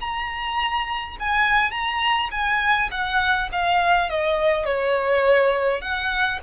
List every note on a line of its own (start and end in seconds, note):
0.00 1.17 A#5
1.19 1.71 G#5
1.71 2.29 A#5
2.31 2.89 G#5
2.91 3.49 F#5
3.52 4.09 F5
4.09 4.65 D#5
4.65 5.81 C#5
5.81 6.39 F#5